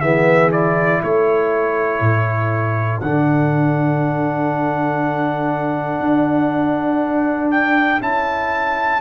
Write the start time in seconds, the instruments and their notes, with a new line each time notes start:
0.00 tuba E3, trombone B3, horn G#4, trumpet E5
0.51 trombone E4, trumpet D5
1.01 tuba A3, horn A4, trumpet C#5
2.00 tuba A2
3.00 tuba D3, trombone D4, trumpet F#5
5.99 tuba D4
7.51 trumpet G5
8.00 tuba C#4, trombone E4, trumpet A5